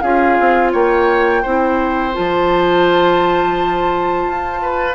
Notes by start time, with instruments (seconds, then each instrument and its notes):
0.00 bassoon C#4, clarinet F4, oboe G#4, flute F5
0.39 bassoon C4
0.72 bassoon A#3, oboe C#5, flute G5
1.42 bassoon C4, clarinet E4, oboe C5
2.13 bassoon F3, clarinet F4, flute A5
4.27 bassoon F4
4.62 oboe B4